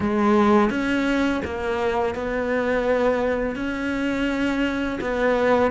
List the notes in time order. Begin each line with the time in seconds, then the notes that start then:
0.00 G#3
0.69 C#4
1.44 A#3
2.14 B3
3.55 C#4
5.00 B3